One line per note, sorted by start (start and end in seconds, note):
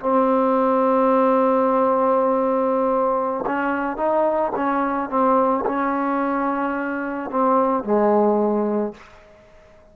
0.00 3.44 C4
3.46 3.96 C#4
3.96 4.51 D#4
4.55 5.09 C#4
5.09 5.64 C4
5.65 7.30 C#4
7.30 7.83 C4
7.83 8.93 G#3